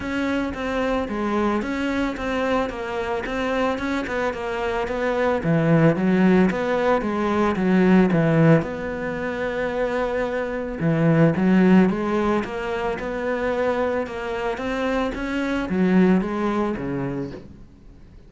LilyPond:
\new Staff \with { instrumentName = "cello" } { \time 4/4 \tempo 4 = 111 cis'4 c'4 gis4 cis'4 | c'4 ais4 c'4 cis'8 b8 | ais4 b4 e4 fis4 | b4 gis4 fis4 e4 |
b1 | e4 fis4 gis4 ais4 | b2 ais4 c'4 | cis'4 fis4 gis4 cis4 | }